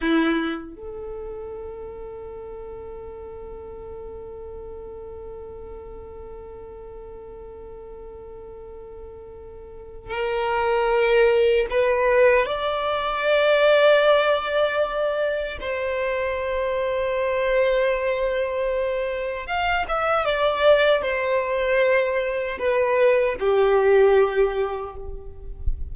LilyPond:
\new Staff \with { instrumentName = "violin" } { \time 4/4 \tempo 4 = 77 e'4 a'2.~ | a'1~ | a'1~ | a'4 ais'2 b'4 |
d''1 | c''1~ | c''4 f''8 e''8 d''4 c''4~ | c''4 b'4 g'2 | }